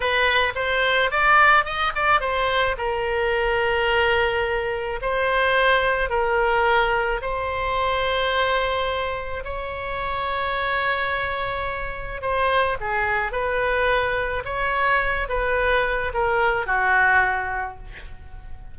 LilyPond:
\new Staff \with { instrumentName = "oboe" } { \time 4/4 \tempo 4 = 108 b'4 c''4 d''4 dis''8 d''8 | c''4 ais'2.~ | ais'4 c''2 ais'4~ | ais'4 c''2.~ |
c''4 cis''2.~ | cis''2 c''4 gis'4 | b'2 cis''4. b'8~ | b'4 ais'4 fis'2 | }